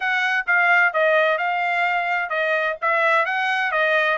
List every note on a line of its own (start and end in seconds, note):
0.00 0.45 F#5
0.47 0.93 F5
0.93 1.38 D#5
1.38 2.29 F5
2.29 2.76 D#5
2.81 3.25 E5
3.25 3.71 F#5
3.71 4.17 D#5